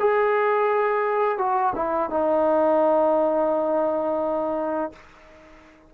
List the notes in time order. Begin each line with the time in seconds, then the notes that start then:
0.00 G#4
1.38 F#4
1.76 E4
2.10 D#4